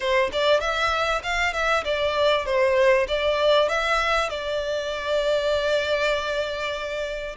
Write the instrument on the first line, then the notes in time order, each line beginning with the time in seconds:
violin
0.00 C5
0.32 D5
0.60 E5
1.23 F5
1.53 E5
1.84 D5
2.45 C5
3.08 D5
3.68 E5
4.29 D5